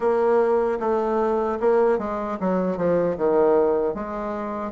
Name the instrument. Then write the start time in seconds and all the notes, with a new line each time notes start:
bassoon
0.00 A#3
0.79 A3
1.60 A#3
1.98 G#3
2.40 F#3
2.77 F3
3.17 D#3
3.94 G#3